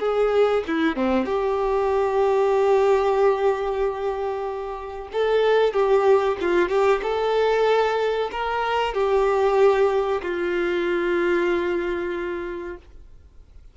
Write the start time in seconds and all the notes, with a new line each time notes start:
0.00 G#4
0.67 E4
0.96 C4
1.26 G4
5.13 A4
5.74 G4
6.41 F4
6.69 G4
7.03 A4
8.32 A#4
8.94 G4
10.22 F4